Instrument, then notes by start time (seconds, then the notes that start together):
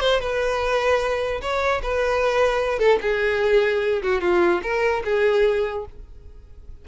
violin
0.00 C5
0.20 B4
1.41 C#5
1.83 B4
2.79 A4
3.01 G#4
4.03 F#4
4.21 F4
4.63 A#4
5.05 G#4